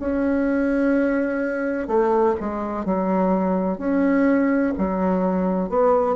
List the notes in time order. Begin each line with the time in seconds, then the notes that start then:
0.00 C#4
1.88 A3
2.40 G#3
2.86 F#3
3.78 C#4
4.79 F#3
5.70 B3